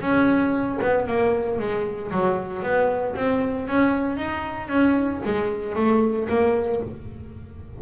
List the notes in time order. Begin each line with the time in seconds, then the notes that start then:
0.00 C#4
0.82 B3
1.07 A#3
1.59 G#3
2.11 F#3
2.62 B3
3.15 C4
3.67 C#4
4.17 D#4
4.68 C#4
5.25 G#3
5.75 A3
6.28 A#3